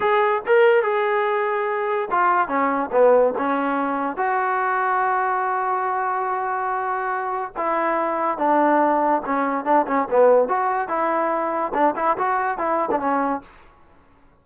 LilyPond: \new Staff \with { instrumentName = "trombone" } { \time 4/4 \tempo 4 = 143 gis'4 ais'4 gis'2~ | gis'4 f'4 cis'4 b4 | cis'2 fis'2~ | fis'1~ |
fis'2 e'2 | d'2 cis'4 d'8 cis'8 | b4 fis'4 e'2 | d'8 e'8 fis'4 e'8. d'16 cis'4 | }